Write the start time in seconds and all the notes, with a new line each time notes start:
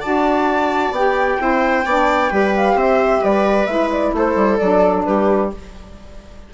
0.00 D4 F#4 D5 A5
0.91 B3 G4 G5
1.38 C4 E4 C5
1.85 B3 D4 D5
2.30 G3 G4 B4
2.55 F5
2.75 C4 C5 E5
3.21 G3 B4 D5
3.66 G#3 E4 E5
3.91 D5
4.13 A3 A4 C5
4.35 G3
4.57 F#3 D4 D5
5.04 G3 G4 B4